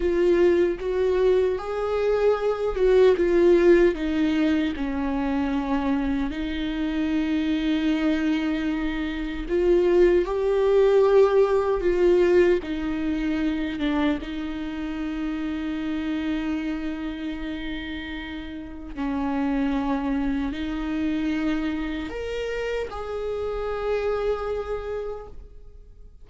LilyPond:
\new Staff \with { instrumentName = "viola" } { \time 4/4 \tempo 4 = 76 f'4 fis'4 gis'4. fis'8 | f'4 dis'4 cis'2 | dis'1 | f'4 g'2 f'4 |
dis'4. d'8 dis'2~ | dis'1 | cis'2 dis'2 | ais'4 gis'2. | }